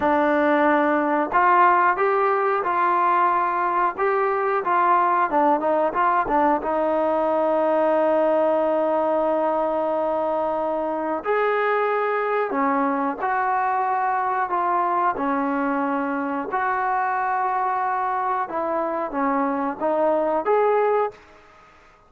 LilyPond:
\new Staff \with { instrumentName = "trombone" } { \time 4/4 \tempo 4 = 91 d'2 f'4 g'4 | f'2 g'4 f'4 | d'8 dis'8 f'8 d'8 dis'2~ | dis'1~ |
dis'4 gis'2 cis'4 | fis'2 f'4 cis'4~ | cis'4 fis'2. | e'4 cis'4 dis'4 gis'4 | }